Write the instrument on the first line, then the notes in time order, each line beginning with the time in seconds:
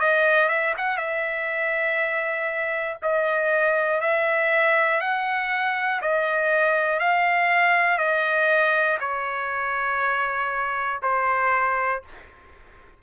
trumpet
0.00 D#5
0.49 E5
0.78 F#5
0.97 E5
3.03 D#5
4.00 E5
5.01 F#5
6.01 D#5
7.00 F5
7.98 D#5
9.00 C#5
11.03 C5